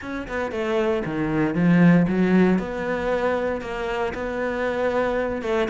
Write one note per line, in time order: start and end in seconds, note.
0.01 0.27 C#4
0.28 0.51 B3
0.51 1.03 A3
1.05 1.54 D#3
1.54 2.06 F3
2.07 2.58 F#3
2.58 3.61 B3
3.61 4.13 A#3
4.14 5.42 B3
5.42 5.68 A3